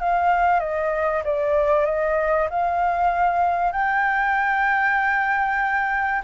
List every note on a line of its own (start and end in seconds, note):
0.00 0.60 F5
0.60 1.23 D#5
1.24 1.86 D5
1.86 2.48 D#5
2.50 3.73 F5
3.73 6.23 G5